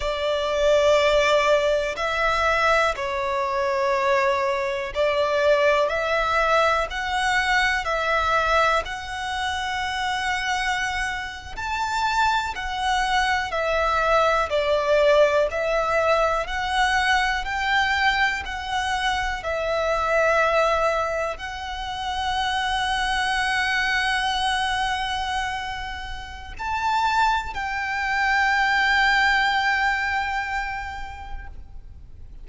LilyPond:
\new Staff \with { instrumentName = "violin" } { \time 4/4 \tempo 4 = 61 d''2 e''4 cis''4~ | cis''4 d''4 e''4 fis''4 | e''4 fis''2~ fis''8. a''16~ | a''8. fis''4 e''4 d''4 e''16~ |
e''8. fis''4 g''4 fis''4 e''16~ | e''4.~ e''16 fis''2~ fis''16~ | fis''2. a''4 | g''1 | }